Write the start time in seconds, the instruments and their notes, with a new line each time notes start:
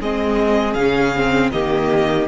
0.00 cello G#3, viola C4, violin G#4 D#5
0.74 cello C#3, viola C#4, violin F5
1.16 viola C4
1.52 cello D#3, viola A#3, violin G4 D#5